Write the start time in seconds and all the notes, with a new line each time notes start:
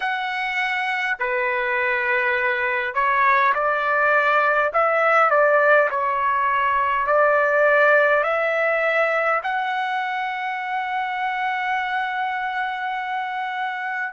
0.00 F#5
1.19 B4
2.94 C#5
3.54 D5
4.73 E5
5.30 D5
5.90 C#5
7.06 D5
8.24 E5
9.43 F#5